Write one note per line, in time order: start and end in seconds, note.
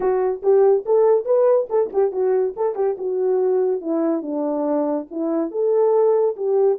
0.00 0.42 F#4
0.42 0.84 G4
0.85 1.25 A4
1.25 1.67 B4
1.69 1.91 A4
1.92 2.12 G4
2.12 2.54 F#4
2.56 2.75 A4
2.75 2.96 G4
2.98 3.81 F#4
3.81 4.22 E4
4.22 5.06 D4
5.10 5.51 E4
5.51 6.35 A4
6.36 6.78 G4